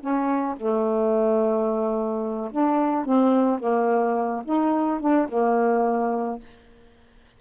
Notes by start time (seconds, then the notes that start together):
0.00 C#4
0.56 A3
2.51 D4
3.05 C4
3.59 A#3
4.44 D#4
5.00 D4
5.28 A#3